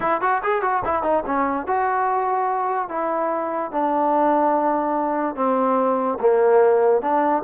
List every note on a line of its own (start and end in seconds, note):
0.00 0.21 E4
0.21 0.41 F#4
0.43 0.62 G#4
0.62 0.82 F#4
0.85 1.02 E4
1.02 1.23 D#4
1.25 1.66 C#4
1.66 2.89 F#4
2.89 3.71 E4
3.71 5.35 D4
5.35 6.18 C4
6.20 7.01 A#3
7.01 7.43 D4